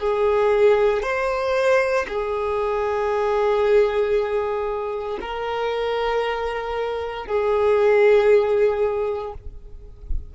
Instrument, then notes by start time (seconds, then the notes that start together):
violin
0.00 G#4
1.03 C5
2.08 G#4
5.21 A#4
7.26 G#4